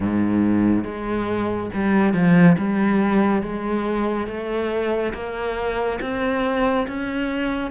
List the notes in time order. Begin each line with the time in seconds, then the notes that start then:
0.00 G#2
0.84 G#3
1.73 G3
2.13 F3
2.58 G3
3.42 G#3
4.27 A3
5.13 A#3
6.01 C4
6.87 C#4